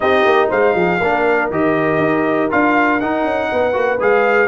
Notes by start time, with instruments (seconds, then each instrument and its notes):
0.00 tuba C4, trombone D#4, horn G4, trumpet D#5
0.25 tuba A#3
0.49 tuba G#3, horn C5, trumpet F5
0.75 tuba F3, horn G#4
0.99 tuba A#3, trombone D4, horn A#4
1.50 tuba D#3, trombone G4, trumpet D#5
1.98 tuba D#4
2.50 tuba D4, trombone F4, trumpet F5
3.00 trombone D#4, tuba D#4, trumpet F#5
3.23 tuba C#4
3.51 tuba B3, horn B4
3.73 tuba A#3, trombone F#4
3.99 tuba G#3, trombone G#4, trumpet F5